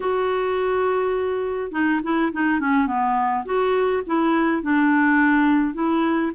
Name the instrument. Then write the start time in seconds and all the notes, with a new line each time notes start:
clarinet
0.00 F#4
1.72 D#4
2.03 E4
2.32 D#4
2.60 C#4
2.87 B3
3.45 F#4
4.06 E4
4.62 D4
5.74 E4